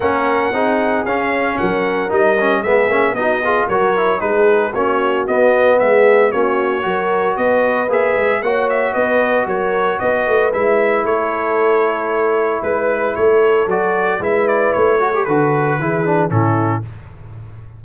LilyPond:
<<
  \new Staff \with { instrumentName = "trumpet" } { \time 4/4 \tempo 4 = 114 fis''2 f''4 fis''4 | dis''4 e''4 dis''4 cis''4 | b'4 cis''4 dis''4 e''4 | cis''2 dis''4 e''4 |
fis''8 e''8 dis''4 cis''4 dis''4 | e''4 cis''2. | b'4 cis''4 d''4 e''8 d''8 | cis''4 b'2 a'4 | }
  \new Staff \with { instrumentName = "horn" } { \time 4/4 ais'4 gis'2 ais'4~ | ais'4 gis'4 fis'8 gis'8 ais'4 | gis'4 fis'2 gis'4 | fis'4 ais'4 b'2 |
cis''4 b'4 ais'4 b'4~ | b'4 a'2. | b'4 a'2 b'4~ | b'8 a'4. gis'4 e'4 | }
  \new Staff \with { instrumentName = "trombone" } { \time 4/4 cis'4 dis'4 cis'2 | dis'8 cis'8 b8 cis'8 dis'8 f'8 fis'8 e'8 | dis'4 cis'4 b2 | cis'4 fis'2 gis'4 |
fis'1 | e'1~ | e'2 fis'4 e'4~ | e'8 fis'16 g'16 fis'4 e'8 d'8 cis'4 | }
  \new Staff \with { instrumentName = "tuba" } { \time 4/4 ais4 c'4 cis'4 fis4 | g4 gis8 ais8 b4 fis4 | gis4 ais4 b4 gis4 | ais4 fis4 b4 ais8 gis8 |
ais4 b4 fis4 b8 a8 | gis4 a2. | gis4 a4 fis4 gis4 | a4 d4 e4 a,4 | }
>>